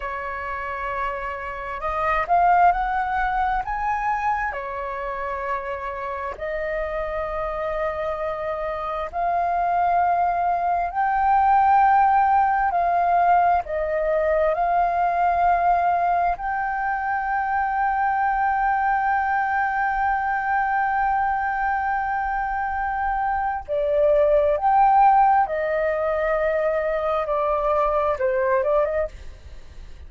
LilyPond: \new Staff \with { instrumentName = "flute" } { \time 4/4 \tempo 4 = 66 cis''2 dis''8 f''8 fis''4 | gis''4 cis''2 dis''4~ | dis''2 f''2 | g''2 f''4 dis''4 |
f''2 g''2~ | g''1~ | g''2 d''4 g''4 | dis''2 d''4 c''8 d''16 dis''16 | }